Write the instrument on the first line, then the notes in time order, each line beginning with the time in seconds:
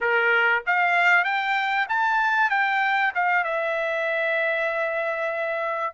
trumpet
0.00 A#4
0.66 F5
1.24 G5
1.88 A5
2.50 G5
3.14 F5
3.44 E5